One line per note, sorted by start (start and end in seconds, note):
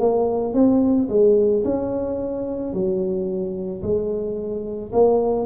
0.00 0.54 A#3
0.54 1.09 C4
1.10 1.64 G#3
1.65 2.74 C#4
2.74 3.83 F#3
3.83 4.92 G#3
4.93 5.46 A#3